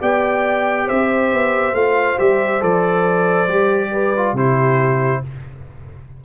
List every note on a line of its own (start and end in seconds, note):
0.00 0.88 B3
0.00 1.74 G4
0.00 0.85 D5
0.00 0.88 G5
0.85 1.33 C4
0.85 3.90 C5
0.85 1.75 E5
1.33 1.73 B3
1.73 2.16 A3
1.73 2.18 F4
1.73 2.18 F5
2.18 2.62 G3
2.18 2.60 G4
2.18 2.62 E5
2.60 3.47 F3
2.60 3.47 A4
2.60 4.36 D5
3.47 4.33 G3
3.47 4.13 G4
3.91 4.34 B4
4.16 4.36 F4
4.33 5.20 C3
4.33 5.23 E4
4.33 5.21 G4
4.33 5.24 C5